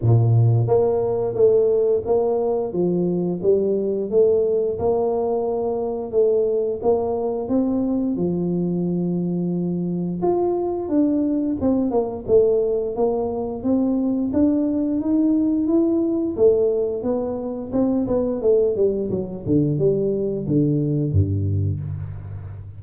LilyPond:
\new Staff \with { instrumentName = "tuba" } { \time 4/4 \tempo 4 = 88 ais,4 ais4 a4 ais4 | f4 g4 a4 ais4~ | ais4 a4 ais4 c'4 | f2. f'4 |
d'4 c'8 ais8 a4 ais4 | c'4 d'4 dis'4 e'4 | a4 b4 c'8 b8 a8 g8 | fis8 d8 g4 d4 g,4 | }